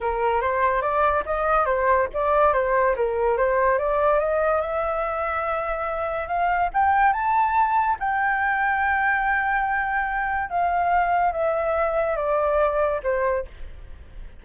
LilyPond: \new Staff \with { instrumentName = "flute" } { \time 4/4 \tempo 4 = 143 ais'4 c''4 d''4 dis''4 | c''4 d''4 c''4 ais'4 | c''4 d''4 dis''4 e''4~ | e''2. f''4 |
g''4 a''2 g''4~ | g''1~ | g''4 f''2 e''4~ | e''4 d''2 c''4 | }